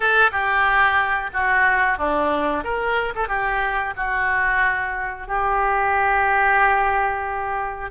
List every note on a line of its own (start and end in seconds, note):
0.00 0.31 A4
0.31 1.30 G4
1.33 1.98 F#4
1.98 2.63 D4
2.64 3.13 A#4
3.15 3.28 A4
3.28 3.94 G4
3.96 5.27 F#4
5.27 7.90 G4